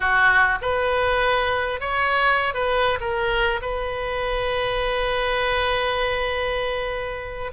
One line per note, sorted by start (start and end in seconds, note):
0.00 0.58 F#4
0.61 1.80 B4
1.80 2.54 C#5
2.54 2.98 B4
3.00 3.60 A#4
3.61 7.51 B4